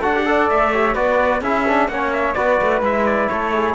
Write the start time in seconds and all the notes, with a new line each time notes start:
0.00 D4 F#4 A4 F#5
0.15 G4
0.25 A4 D5
0.49 A3 E5
0.72 G4 C#5
0.94 B3 F#4 B4 D5
1.41 C#4 E4 G#4 E5
1.67 D4
1.88 A#3 C#4 C#5 F#5
2.13 E5
2.33 B3 F#4 B4 D5
2.61 A3
2.81 G#3 E4 E5
3.05 D5
3.29 A3 A4 C#5
3.54 G#4